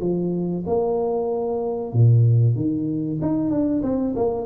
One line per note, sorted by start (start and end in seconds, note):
0.00 0.64 F3
0.66 1.93 A#3
1.93 2.55 A#2
2.55 3.19 D#3
3.21 3.50 D#4
3.50 3.82 D4
3.82 4.14 C4
4.15 4.46 A#3